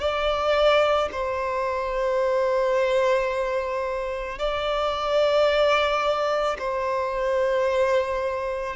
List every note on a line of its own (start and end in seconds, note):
0.00 1.09 D5
1.12 4.39 C5
4.39 6.57 D5
6.59 8.76 C5